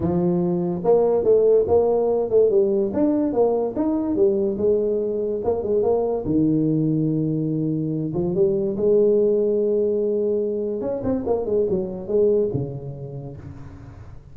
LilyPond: \new Staff \with { instrumentName = "tuba" } { \time 4/4 \tempo 4 = 144 f2 ais4 a4 | ais4. a8 g4 d'4 | ais4 dis'4 g4 gis4~ | gis4 ais8 gis8 ais4 dis4~ |
dis2.~ dis8 f8 | g4 gis2.~ | gis2 cis'8 c'8 ais8 gis8 | fis4 gis4 cis2 | }